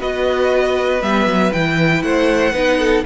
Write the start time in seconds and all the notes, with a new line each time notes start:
0.00 B3 F#4 B4 D#5
1.01 G3 B3 E5
1.26 F#3
1.53 E3 E4 G5
2.03 A3 C5 F#5
2.53 B3 D#4 B4
2.79 A4